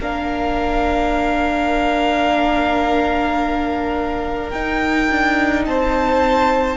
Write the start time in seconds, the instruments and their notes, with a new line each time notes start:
0.00 cello A#3, viola D4, violin A#4 F5
4.50 cello D#4, viola D#4, violin G5
5.11 cello D4
5.66 cello C4, violin C5 A5